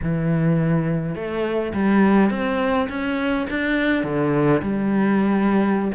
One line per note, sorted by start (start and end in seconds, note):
0.02 1.15 E3
1.15 1.73 A3
1.73 2.30 G3
2.30 2.88 C4
2.89 3.46 C#4
3.50 4.03 D4
4.03 4.61 D3
4.62 5.91 G3